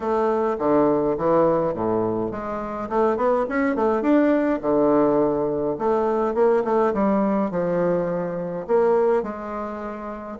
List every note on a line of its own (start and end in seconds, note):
0.00 0.56 A3
0.58 1.16 D3
1.17 1.74 E3
1.74 2.31 A2
2.31 2.88 G#3
2.89 3.16 A3
3.16 3.45 B3
3.48 3.75 C#4
3.75 4.01 A3
4.01 4.59 D4
4.61 5.76 D3
5.78 6.34 A3
6.34 6.63 A#3
6.64 6.93 A3
6.93 7.51 G3
7.51 8.66 F3
8.67 9.22 A#3
9.22 10.38 G#3